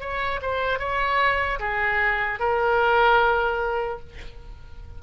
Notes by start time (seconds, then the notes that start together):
0.00 C#5
0.41 C5
0.79 C#5
1.59 G#4
2.39 A#4